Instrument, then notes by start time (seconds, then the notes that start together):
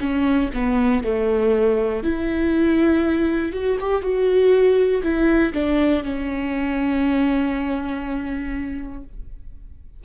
viola
0.00 C#4
0.54 B3
1.03 A3
2.03 E4
3.52 F#4
3.80 G4
4.02 F#4
5.02 E4
5.53 D4
6.03 C#4